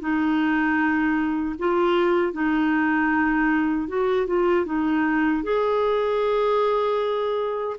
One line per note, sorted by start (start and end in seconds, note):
0.00 1.56 D#4
1.59 2.33 F4
2.33 3.88 D#4
3.88 4.27 F#4
4.27 4.66 F4
4.66 5.43 D#4
5.43 7.77 G#4